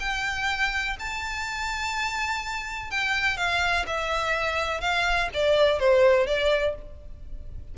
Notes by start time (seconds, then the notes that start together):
0.00 G5
0.99 A5
2.91 G5
3.37 F5
3.87 E5
4.81 F5
5.34 D5
5.79 C5
6.27 D5